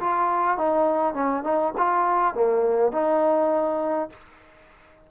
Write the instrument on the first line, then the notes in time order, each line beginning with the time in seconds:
trombone
0.00 F4
0.57 D#4
1.14 C#4
1.44 D#4
1.77 F4
2.34 A#3
2.92 D#4